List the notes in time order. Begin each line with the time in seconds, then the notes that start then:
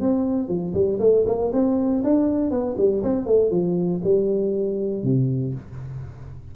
0.00 C4
0.48 F3
0.74 G3
0.99 A3
1.26 A#3
1.53 C4
2.04 D4
2.50 B3
2.77 G3
3.03 C4
3.26 A3
3.50 F3
4.03 G3
5.03 C3